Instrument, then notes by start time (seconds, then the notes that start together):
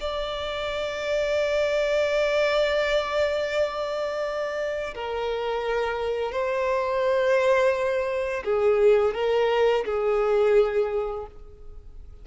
violin
0.00 D5
4.94 A#4
6.32 C5
8.44 G#4
9.14 A#4
9.85 G#4